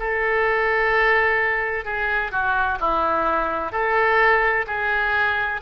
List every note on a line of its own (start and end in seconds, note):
0.00 1.85 A4
1.85 2.32 G#4
2.32 2.79 F#4
2.80 3.72 E4
3.72 4.66 A4
4.67 5.61 G#4